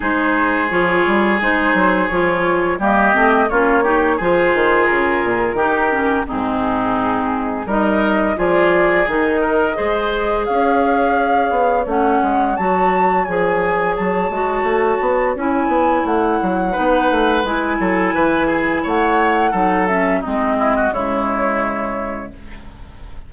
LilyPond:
<<
  \new Staff \with { instrumentName = "flute" } { \time 4/4 \tempo 4 = 86 c''4 cis''4 c''4 cis''4 | dis''4 cis''4 c''4 ais'4~ | ais'4 gis'2 dis''4 | d''4 dis''2 f''4~ |
f''4 fis''4 a''4 gis''4 | a''2 gis''4 fis''4~ | fis''4 gis''2 fis''4~ | fis''8 e''8 dis''4 cis''2 | }
  \new Staff \with { instrumentName = "oboe" } { \time 4/4 gis'1 | g'4 f'8 g'8 gis'2 | g'4 dis'2 ais'4 | gis'4. ais'8 c''4 cis''4~ |
cis''1~ | cis''1 | b'4. a'8 b'8 gis'8 cis''4 | a'4 dis'8 e'16 fis'16 e'2 | }
  \new Staff \with { instrumentName = "clarinet" } { \time 4/4 dis'4 f'4 dis'4 f'4 | ais8 c'8 cis'8 dis'8 f'2 | dis'8 cis'8 c'2 dis'4 | f'4 dis'4 gis'2~ |
gis'4 cis'4 fis'4 gis'4~ | gis'8 fis'4. e'2 | dis'4 e'2. | dis'8 cis'8 c'4 gis2 | }
  \new Staff \with { instrumentName = "bassoon" } { \time 4/4 gis4 f8 g8 gis8 fis8 f4 | g8 a8 ais4 f8 dis8 cis8 ais,8 | dis4 gis,2 g4 | f4 dis4 gis4 cis'4~ |
cis'8 b8 a8 gis8 fis4 f4 | fis8 gis8 a8 b8 cis'8 b8 a8 fis8 | b8 a8 gis8 fis8 e4 a4 | fis4 gis4 cis2 | }
>>